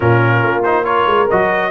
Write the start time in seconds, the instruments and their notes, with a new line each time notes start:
0.00 tuba A#2, trombone C#4, horn F4, trumpet A#4
0.43 tuba A#3
0.63 trombone D#4, trumpet C5
0.84 trombone F4, horn A#4, trumpet C#5
1.06 tuba G#3
1.29 tuba F#3, trombone F#4, trumpet D#5